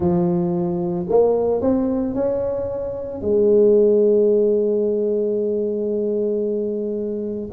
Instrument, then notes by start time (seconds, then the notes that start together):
tuba
0.00 F3
1.09 A#3
1.61 C4
2.14 C#4
3.21 G#3